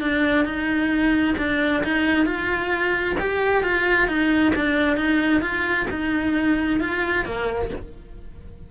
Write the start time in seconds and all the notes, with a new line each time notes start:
0.00 D4
0.44 D#4
1.37 D4
1.83 D#4
2.25 F4
3.19 G4
3.63 F4
4.07 D#4
4.55 D4
4.96 D#4
5.41 F4
5.90 D#4
6.80 F4
7.24 A#3